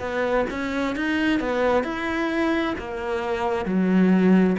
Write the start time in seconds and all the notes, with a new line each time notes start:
0.00 B3
0.50 C#4
0.95 D#4
1.40 B3
1.84 E4
2.79 A#3
3.65 F#3